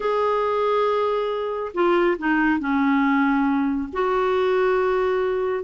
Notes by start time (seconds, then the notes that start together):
0.00 G#4
1.74 F4
2.18 D#4
2.59 C#4
3.92 F#4